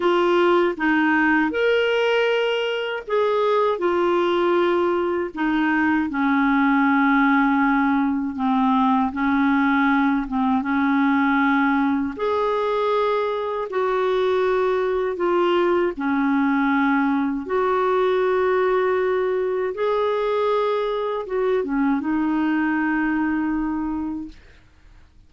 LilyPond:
\new Staff \with { instrumentName = "clarinet" } { \time 4/4 \tempo 4 = 79 f'4 dis'4 ais'2 | gis'4 f'2 dis'4 | cis'2. c'4 | cis'4. c'8 cis'2 |
gis'2 fis'2 | f'4 cis'2 fis'4~ | fis'2 gis'2 | fis'8 cis'8 dis'2. | }